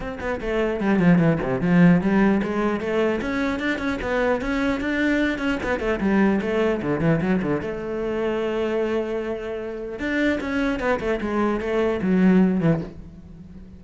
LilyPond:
\new Staff \with { instrumentName = "cello" } { \time 4/4 \tempo 4 = 150 c'8 b8 a4 g8 f8 e8 c8 | f4 g4 gis4 a4 | cis'4 d'8 cis'8 b4 cis'4 | d'4. cis'8 b8 a8 g4 |
a4 d8 e8 fis8 d8 a4~ | a1~ | a4 d'4 cis'4 b8 a8 | gis4 a4 fis4. e8 | }